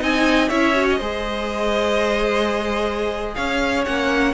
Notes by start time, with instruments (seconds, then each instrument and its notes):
0.00 cello C4, viola D#4, violin D#5 G#5
0.49 cello C#4, viola E4, violin C#5 E5
0.75 viola F#4
0.90 violin D#5
0.98 cello G#3, viola G#4, violin C5
3.35 cello C#4, violin C#5 F5
3.86 cello A#3, viola C#4, violin F#5